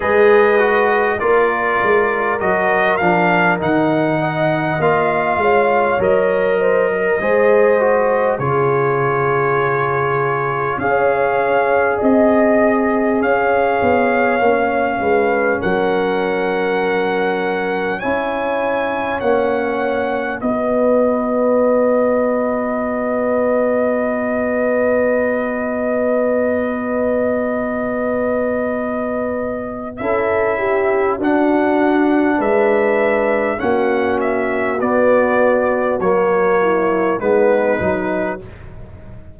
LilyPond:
<<
  \new Staff \with { instrumentName = "trumpet" } { \time 4/4 \tempo 4 = 50 dis''4 d''4 dis''8 f''8 fis''4 | f''4 dis''2 cis''4~ | cis''4 f''4 dis''4 f''4~ | f''4 fis''2 gis''4 |
fis''4 dis''2.~ | dis''1~ | dis''4 e''4 fis''4 e''4 | fis''8 e''8 d''4 cis''4 b'4 | }
  \new Staff \with { instrumentName = "horn" } { \time 4/4 b'4 ais'2~ ais'8 dis''8~ | dis''8 cis''4 c''16 ais'16 c''4 gis'4~ | gis'4 cis''4 dis''4 cis''4~ | cis''8 b'8 ais'2 cis''4~ |
cis''4 b'2.~ | b'1~ | b'4 a'8 g'8 fis'4 b'4 | fis'2~ fis'8 e'8 dis'4 | }
  \new Staff \with { instrumentName = "trombone" } { \time 4/4 gis'8 fis'8 f'4 fis'8 d'8 dis'4 | f'4 ais'4 gis'8 fis'8 f'4~ | f'4 gis'2. | cis'2. e'4 |
cis'4 fis'2.~ | fis'1~ | fis'4 e'4 d'2 | cis'4 b4 ais4 b8 dis'8 | }
  \new Staff \with { instrumentName = "tuba" } { \time 4/4 gis4 ais8 gis8 fis8 f8 dis4 | ais8 gis8 fis4 gis4 cis4~ | cis4 cis'4 c'4 cis'8 b8 | ais8 gis8 fis2 cis'4 |
ais4 b2.~ | b1~ | b4 cis'4 d'4 gis4 | ais4 b4 fis4 gis8 fis8 | }
>>